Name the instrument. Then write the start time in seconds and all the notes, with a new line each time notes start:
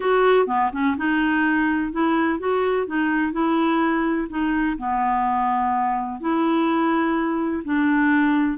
clarinet
0.00 F#4
0.47 B3
0.72 C#4
0.97 D#4
1.92 E4
2.39 F#4
2.86 D#4
3.32 E4
4.29 D#4
4.77 B3
6.20 E4
7.64 D4